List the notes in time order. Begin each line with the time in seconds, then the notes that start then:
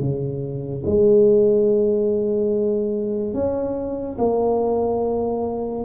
0.00 C#3
0.86 G#3
3.34 C#4
4.18 A#3